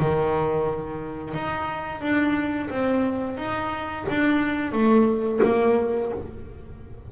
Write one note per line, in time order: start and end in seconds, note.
0.00 1.34 D#3
1.34 2.01 D#4
2.01 2.69 D4
2.70 3.37 C4
3.37 4.05 D#4
4.09 4.72 D4
4.72 5.40 A3
5.43 6.11 A#3